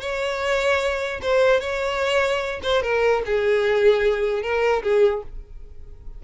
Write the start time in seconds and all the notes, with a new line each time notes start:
0.00 C#5
1.22 C5
1.60 C#5
2.63 C5
2.82 A#4
3.25 G#4
4.42 A#4
4.83 G#4